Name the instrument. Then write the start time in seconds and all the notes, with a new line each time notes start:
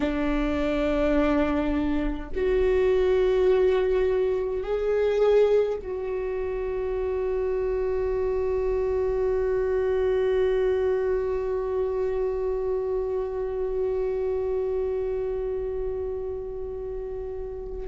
viola
0.00 D4
2.34 F#4
4.63 G#4
5.82 F#4